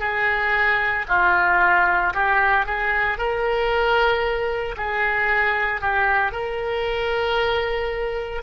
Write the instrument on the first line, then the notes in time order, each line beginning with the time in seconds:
oboe
0.00 G#4
1.09 F4
2.14 G4
2.67 G#4
3.18 A#4
4.78 G#4
5.81 G4
6.32 A#4